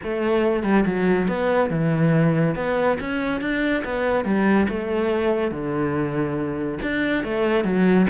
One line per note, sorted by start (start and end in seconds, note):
0.03 0.63 A3
0.63 0.84 G3
0.85 1.28 F#3
1.28 1.70 B3
1.70 2.55 E3
2.55 2.97 B3
3.00 3.40 C#4
3.40 3.83 D4
3.84 4.24 B3
4.24 4.67 G3
4.68 5.51 A3
5.51 6.78 D3
6.82 7.24 D4
7.24 7.64 A3
7.64 8.06 F#3